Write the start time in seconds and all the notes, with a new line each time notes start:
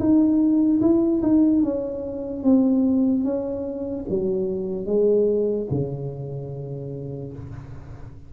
0.00 D#4
0.81 E4
1.22 D#4
1.63 C#4
2.44 C4
3.25 C#4
4.10 F#3
4.86 G#3
5.71 C#3